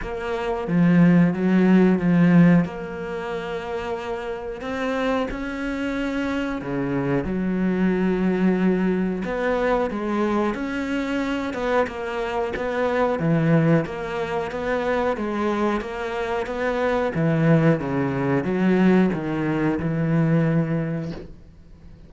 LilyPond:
\new Staff \with { instrumentName = "cello" } { \time 4/4 \tempo 4 = 91 ais4 f4 fis4 f4 | ais2. c'4 | cis'2 cis4 fis4~ | fis2 b4 gis4 |
cis'4. b8 ais4 b4 | e4 ais4 b4 gis4 | ais4 b4 e4 cis4 | fis4 dis4 e2 | }